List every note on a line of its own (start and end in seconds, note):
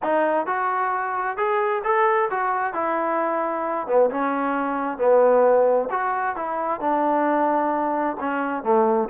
0.02 0.46 D#4
0.46 1.37 F#4
1.37 1.82 G#4
1.83 2.29 A4
2.30 2.73 F#4
2.73 3.87 E4
3.87 4.10 B3
4.10 4.98 C#4
4.98 5.89 B3
5.90 6.35 F#4
6.36 6.80 E4
6.80 8.17 D4
8.20 8.63 C#4
8.63 9.08 A3